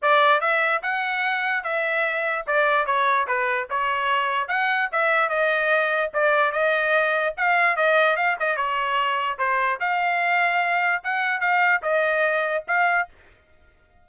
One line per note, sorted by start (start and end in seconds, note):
0.02 0.40 D5
0.40 0.81 E5
0.82 1.63 F#5
1.63 2.45 E5
2.47 2.86 D5
2.86 3.26 C#5
3.27 3.68 B4
3.70 4.48 C#5
4.48 4.89 F#5
4.91 5.29 E5
5.29 6.10 D#5
6.13 6.52 D5
6.52 7.33 D#5
7.37 7.76 F5
7.76 8.16 D#5
8.16 8.36 F5
8.39 8.56 D#5
8.56 9.38 C#5
9.38 9.79 C5
9.79 11.02 F5
11.03 11.40 F#5
11.40 11.81 F5
11.82 12.63 D#5
12.67 13.08 F5